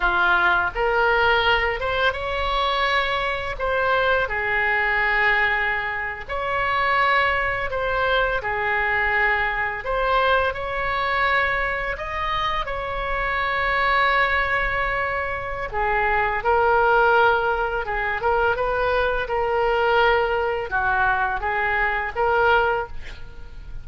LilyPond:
\new Staff \with { instrumentName = "oboe" } { \time 4/4 \tempo 4 = 84 f'4 ais'4. c''8 cis''4~ | cis''4 c''4 gis'2~ | gis'8. cis''2 c''4 gis'16~ | gis'4.~ gis'16 c''4 cis''4~ cis''16~ |
cis''8. dis''4 cis''2~ cis''16~ | cis''2 gis'4 ais'4~ | ais'4 gis'8 ais'8 b'4 ais'4~ | ais'4 fis'4 gis'4 ais'4 | }